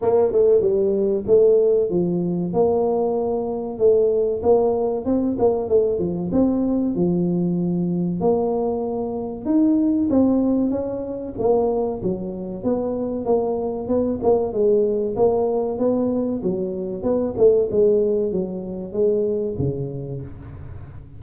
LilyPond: \new Staff \with { instrumentName = "tuba" } { \time 4/4 \tempo 4 = 95 ais8 a8 g4 a4 f4 | ais2 a4 ais4 | c'8 ais8 a8 f8 c'4 f4~ | f4 ais2 dis'4 |
c'4 cis'4 ais4 fis4 | b4 ais4 b8 ais8 gis4 | ais4 b4 fis4 b8 a8 | gis4 fis4 gis4 cis4 | }